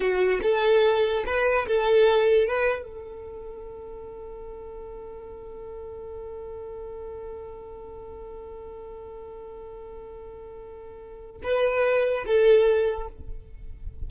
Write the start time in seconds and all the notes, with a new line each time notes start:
0.00 F#4
0.42 A4
1.26 B4
1.67 A4
2.47 B4
2.84 A4
11.43 B4
12.26 A4